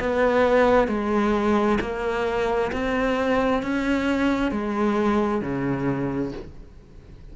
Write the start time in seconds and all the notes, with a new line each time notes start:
0.00 B3
0.88 G#3
1.81 A#3
2.73 C4
3.63 C#4
4.52 G#3
5.41 C#3